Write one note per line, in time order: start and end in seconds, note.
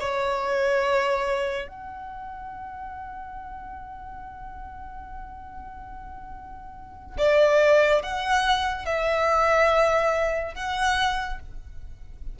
0.00 1.68 C#5
1.68 7.17 F#5
7.18 8.02 D5
8.02 8.85 F#5
8.85 10.54 E5
10.55 11.39 F#5